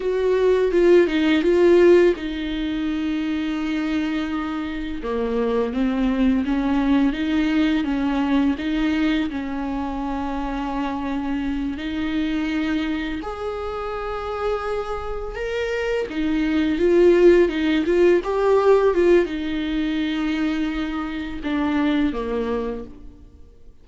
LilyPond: \new Staff \with { instrumentName = "viola" } { \time 4/4 \tempo 4 = 84 fis'4 f'8 dis'8 f'4 dis'4~ | dis'2. ais4 | c'4 cis'4 dis'4 cis'4 | dis'4 cis'2.~ |
cis'8 dis'2 gis'4.~ | gis'4. ais'4 dis'4 f'8~ | f'8 dis'8 f'8 g'4 f'8 dis'4~ | dis'2 d'4 ais4 | }